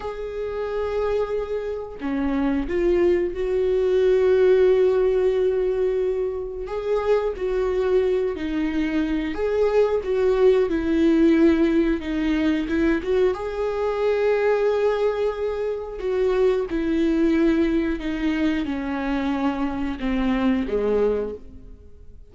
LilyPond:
\new Staff \with { instrumentName = "viola" } { \time 4/4 \tempo 4 = 90 gis'2. cis'4 | f'4 fis'2.~ | fis'2 gis'4 fis'4~ | fis'8 dis'4. gis'4 fis'4 |
e'2 dis'4 e'8 fis'8 | gis'1 | fis'4 e'2 dis'4 | cis'2 c'4 gis4 | }